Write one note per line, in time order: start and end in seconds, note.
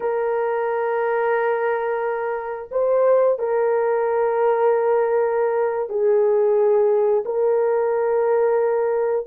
0.00 2.68 A#4
2.71 3.38 C5
3.39 5.89 A#4
5.89 7.23 G#4
7.25 9.26 A#4